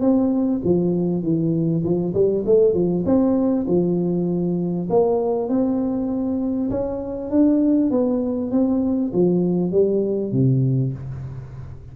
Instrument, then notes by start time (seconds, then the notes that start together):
tuba
0.00 C4
0.64 F3
1.22 E3
1.83 F3
2.13 G3
2.46 A3
2.73 F3
3.05 C4
3.67 F3
4.89 A#3
5.48 C4
6.70 C#4
7.30 D4
7.90 B3
8.51 C4
9.13 F3
9.71 G3
10.32 C3